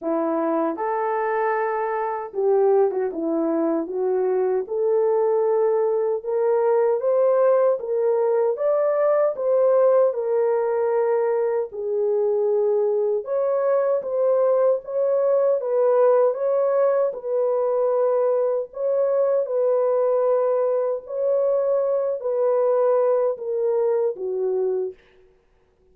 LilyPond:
\new Staff \with { instrumentName = "horn" } { \time 4/4 \tempo 4 = 77 e'4 a'2 g'8. fis'16 | e'4 fis'4 a'2 | ais'4 c''4 ais'4 d''4 | c''4 ais'2 gis'4~ |
gis'4 cis''4 c''4 cis''4 | b'4 cis''4 b'2 | cis''4 b'2 cis''4~ | cis''8 b'4. ais'4 fis'4 | }